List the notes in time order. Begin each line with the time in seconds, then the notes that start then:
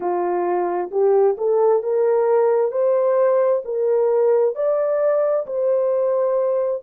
0.00 F4
0.91 G4
1.37 A4
1.83 A#4
2.71 C5
3.64 A#4
4.55 D5
5.46 C5